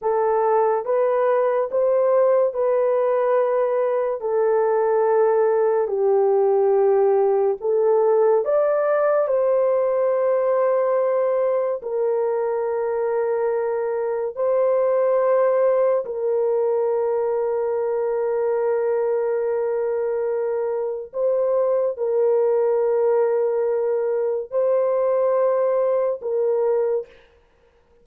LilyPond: \new Staff \with { instrumentName = "horn" } { \time 4/4 \tempo 4 = 71 a'4 b'4 c''4 b'4~ | b'4 a'2 g'4~ | g'4 a'4 d''4 c''4~ | c''2 ais'2~ |
ais'4 c''2 ais'4~ | ais'1~ | ais'4 c''4 ais'2~ | ais'4 c''2 ais'4 | }